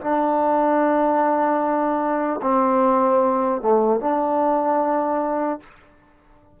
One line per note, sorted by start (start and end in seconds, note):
0.00 2.40 D4
2.42 3.61 C4
3.61 4.00 A3
4.00 5.60 D4